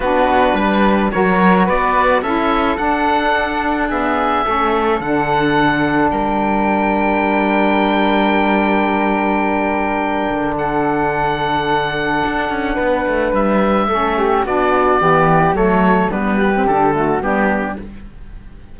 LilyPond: <<
  \new Staff \with { instrumentName = "oboe" } { \time 4/4 \tempo 4 = 108 b'2 cis''4 d''4 | e''4 fis''2 e''4~ | e''4 fis''2 g''4~ | g''1~ |
g''2. fis''4~ | fis''1 | e''2 d''2 | cis''4 b'4 a'4 g'4 | }
  \new Staff \with { instrumentName = "flute" } { \time 4/4 fis'4 b'4 ais'4 b'4 | a'2. gis'4 | a'2. ais'4~ | ais'1~ |
ais'2. a'4~ | a'2. b'4~ | b'4 a'8 g'8 fis'4 g'4 | a'4 d'8 g'4 fis'8 d'4 | }
  \new Staff \with { instrumentName = "saxophone" } { \time 4/4 d'2 fis'2 | e'4 d'2 b4 | cis'4 d'2.~ | d'1~ |
d'1~ | d'1~ | d'4 cis'4 d'4 b4 | a4 b8. c'16 d'8 a8 b4 | }
  \new Staff \with { instrumentName = "cello" } { \time 4/4 b4 g4 fis4 b4 | cis'4 d'2. | a4 d2 g4~ | g1~ |
g2~ g8 d4.~ | d2 d'8 cis'8 b8 a8 | g4 a4 b4 e4 | fis4 g4 d4 g4 | }
>>